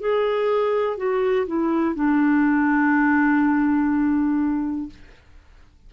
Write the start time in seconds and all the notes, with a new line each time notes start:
0.00 G#4
0.97 F#4
1.47 E4
1.95 D4